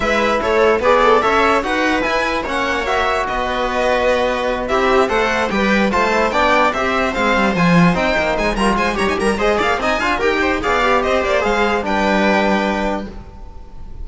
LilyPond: <<
  \new Staff \with { instrumentName = "violin" } { \time 4/4 \tempo 4 = 147 e''4 cis''4 b'8 a'8 e''4 | fis''4 gis''4 fis''4 e''4 | dis''2.~ dis''8 e''8~ | e''8 fis''4 g''4 a''4 g''8~ |
g''8 e''4 f''4 gis''4 g''8~ | g''8 gis''8 ais''8 gis''8 ais''16 gis''16 ais''8 dis''8 f''8 | gis''4 g''4 f''4 dis''8 d''8 | f''4 g''2. | }
  \new Staff \with { instrumentName = "viola" } { \time 4/4 b'4 a'4 d''4 cis''4 | b'2 cis''2 | b'2.~ b'8 g'8~ | g'8 c''4 b'4 c''4 d''8~ |
d''8 c''2.~ c''8~ | c''4 ais'8 c''8 cis''8 ais'8 c''8 d''8 | dis''8 f''8 ais'8 c''8 d''4 c''4~ | c''4 b'2. | }
  \new Staff \with { instrumentName = "trombone" } { \time 4/4 e'2 gis'4 a'4 | fis'4 e'4 cis'4 fis'4~ | fis'2.~ fis'8 e'8~ | e'8 a'4 g'4 f'8 e'8 d'8~ |
d'8 g'4 c'4 f'4 dis'8~ | dis'4 f'4 g'4 gis'4 | dis'8 f'8 g'4 gis'8 g'4. | gis'4 d'2. | }
  \new Staff \with { instrumentName = "cello" } { \time 4/4 gis4 a4 b4 cis'4 | dis'4 e'4 ais2 | b2.~ b8 c'8~ | c'8 a4 g4 a4 b8~ |
b8 c'4 gis8 g8 f4 c'8 | ais8 gis8 g8 gis8 g16 dis'16 g8 gis8 ais8 | c'8 d'8 dis'4 b4 c'8 ais8 | gis4 g2. | }
>>